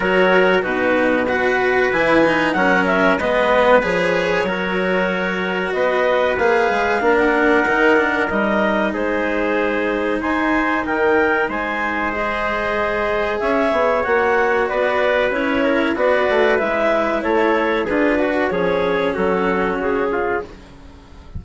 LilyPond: <<
  \new Staff \with { instrumentName = "clarinet" } { \time 4/4 \tempo 4 = 94 cis''4 b'4 fis''4 gis''4 | fis''8 e''8 dis''4 cis''2~ | cis''4 dis''4 f''4~ f''16 fis''8.~ | fis''4 dis''4 c''2 |
gis''4 g''4 gis''4 dis''4~ | dis''4 e''4 fis''4 d''4 | cis''4 d''4 e''4 cis''4 | b'4 cis''4 a'4 gis'4 | }
  \new Staff \with { instrumentName = "trumpet" } { \time 4/4 ais'4 fis'4 b'2 | ais'4 b'2 ais'4~ | ais'4 b'2 ais'4~ | ais'2 gis'2 |
c''4 ais'4 c''2~ | c''4 cis''2 b'4~ | b'8 ais'8 b'2 a'4 | gis'8 fis'8 gis'4 fis'4. f'8 | }
  \new Staff \with { instrumentName = "cello" } { \time 4/4 fis'4 dis'4 fis'4 e'8 dis'8 | cis'4 b4 gis'4 fis'4~ | fis'2 gis'4 d'4 | dis'8 d'8 dis'2.~ |
dis'2. gis'4~ | gis'2 fis'2 | e'4 fis'4 e'2 | f'8 fis'8 cis'2. | }
  \new Staff \with { instrumentName = "bassoon" } { \time 4/4 fis4 b,2 e4 | fis4 gis4 f4 fis4~ | fis4 b4 ais8 gis8 ais4 | dis4 g4 gis2 |
dis'4 dis4 gis2~ | gis4 cis'8 b8 ais4 b4 | cis'4 b8 a8 gis4 a4 | d'4 f4 fis4 cis4 | }
>>